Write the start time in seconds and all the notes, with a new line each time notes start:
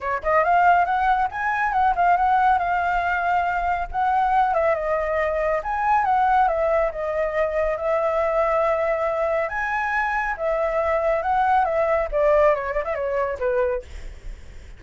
0.01 C#5
0.22 D#5
0.44 F5
0.85 F#5
1.31 G#5
1.72 F#5
1.95 F5
2.16 F#5
2.58 F5
3.91 F#5
4.54 E5
4.74 D#5
5.63 G#5
6.04 F#5
6.47 E5
6.91 D#5
7.77 E5
9.48 G#5
10.37 E5
11.22 F#5
11.64 E5
12.11 D5
12.54 C#5
12.72 D5
12.84 E5
12.94 C#5
13.39 B4